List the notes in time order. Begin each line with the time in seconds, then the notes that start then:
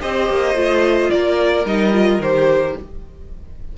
0.00 C4 G4 C5 D#5
0.29 A#3
0.54 A3 F4
1.10 A#3 A#4 D5
1.64 G3 D#4 D#5
1.92 F4
2.18 D#3 G4 C5